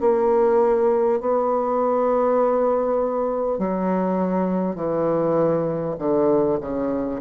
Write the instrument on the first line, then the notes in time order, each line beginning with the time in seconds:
bassoon
0.00 A#3
1.21 B3
3.58 F#3
4.76 E3
5.98 D3
6.61 C#3